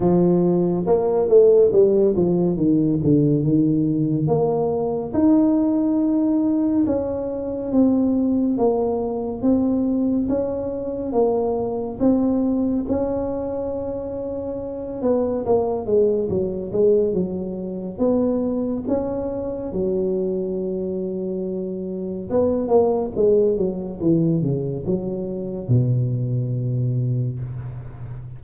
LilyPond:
\new Staff \with { instrumentName = "tuba" } { \time 4/4 \tempo 4 = 70 f4 ais8 a8 g8 f8 dis8 d8 | dis4 ais4 dis'2 | cis'4 c'4 ais4 c'4 | cis'4 ais4 c'4 cis'4~ |
cis'4. b8 ais8 gis8 fis8 gis8 | fis4 b4 cis'4 fis4~ | fis2 b8 ais8 gis8 fis8 | e8 cis8 fis4 b,2 | }